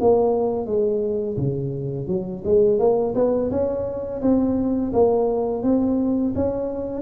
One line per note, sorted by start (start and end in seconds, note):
0.00 0.66 A#3
0.66 1.37 G#3
1.37 2.08 C#3
2.08 2.43 F#3
2.45 2.79 G#3
2.79 3.14 A#3
3.15 3.50 B3
3.51 4.22 C#4
4.22 4.92 C4
4.93 5.63 A#3
5.63 6.34 C4
6.35 7.02 C#4